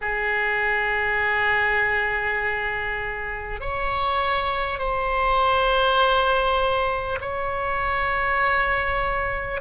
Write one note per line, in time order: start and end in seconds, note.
0.01 3.60 G#4
3.60 4.78 C#5
4.78 7.18 C5
7.21 9.61 C#5